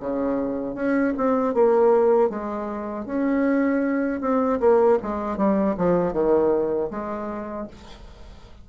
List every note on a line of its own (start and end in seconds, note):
0.00 0.75 C#3
0.75 1.14 C#4
1.17 1.55 C4
1.55 2.30 A#3
2.30 3.06 G#3
3.06 4.21 C#4
4.21 4.60 C4
4.60 4.99 A#3
5.03 5.37 G#3
5.37 5.76 G3
5.78 6.13 F3
6.13 6.90 D#3
6.91 7.68 G#3